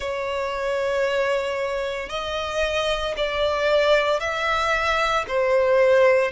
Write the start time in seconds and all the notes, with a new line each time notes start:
0.00 C#5
2.09 D#5
3.16 D5
4.20 E5
5.28 C5